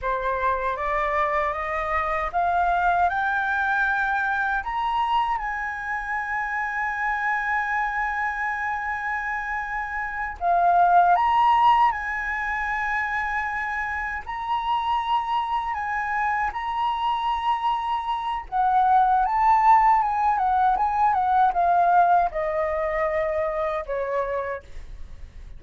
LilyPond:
\new Staff \with { instrumentName = "flute" } { \time 4/4 \tempo 4 = 78 c''4 d''4 dis''4 f''4 | g''2 ais''4 gis''4~ | gis''1~ | gis''4. f''4 ais''4 gis''8~ |
gis''2~ gis''8 ais''4.~ | ais''8 gis''4 ais''2~ ais''8 | fis''4 a''4 gis''8 fis''8 gis''8 fis''8 | f''4 dis''2 cis''4 | }